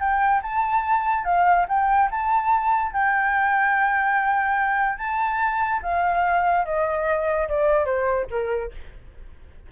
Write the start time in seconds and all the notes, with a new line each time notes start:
0.00 G5
0.43 A5
1.25 F5
1.69 G5
2.11 A5
2.92 G5
4.98 A5
5.83 F5
6.65 D#5
7.49 D5
7.85 C5
8.31 A#4